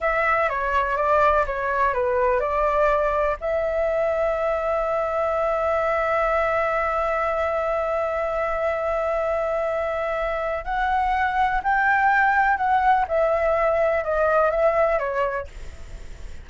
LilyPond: \new Staff \with { instrumentName = "flute" } { \time 4/4 \tempo 4 = 124 e''4 cis''4 d''4 cis''4 | b'4 d''2 e''4~ | e''1~ | e''1~ |
e''1~ | e''2 fis''2 | g''2 fis''4 e''4~ | e''4 dis''4 e''4 cis''4 | }